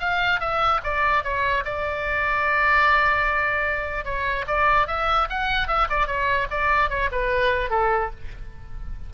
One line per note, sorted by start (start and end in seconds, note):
0.00 0.41 F5
0.41 0.81 E5
0.84 1.24 D5
1.24 1.65 C#5
1.65 4.05 D5
4.05 4.46 C#5
4.47 4.88 D5
4.88 5.28 E5
5.30 5.68 F#5
5.68 5.88 E5
5.90 6.07 D5
6.07 6.48 C#5
6.51 6.90 D5
6.90 7.10 C#5
7.12 7.70 B4
7.70 8.11 A4